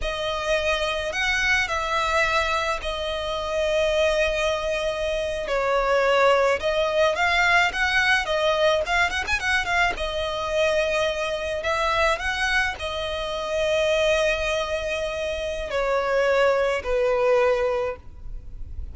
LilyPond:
\new Staff \with { instrumentName = "violin" } { \time 4/4 \tempo 4 = 107 dis''2 fis''4 e''4~ | e''4 dis''2.~ | dis''4.~ dis''16 cis''2 dis''16~ | dis''8. f''4 fis''4 dis''4 f''16~ |
f''16 fis''16 gis''16 fis''8 f''8 dis''2~ dis''16~ | dis''8. e''4 fis''4 dis''4~ dis''16~ | dis''1 | cis''2 b'2 | }